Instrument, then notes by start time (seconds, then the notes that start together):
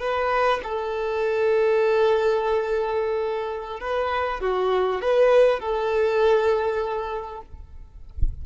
violin
0.00 B4
0.63 A4
3.80 B4
4.40 F#4
5.01 B4
5.60 A4